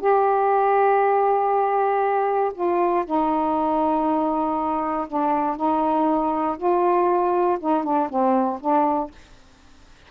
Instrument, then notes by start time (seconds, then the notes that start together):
saxophone
0.00 G4
2.54 F4
3.05 D#4
5.08 D4
5.56 D#4
6.57 F4
7.59 D#4
7.83 D4
8.09 C4
8.60 D4